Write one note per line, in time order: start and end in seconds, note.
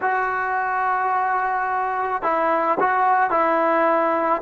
0.01 2.22 F#4
2.22 2.78 E4
2.80 3.30 F#4
3.30 4.41 E4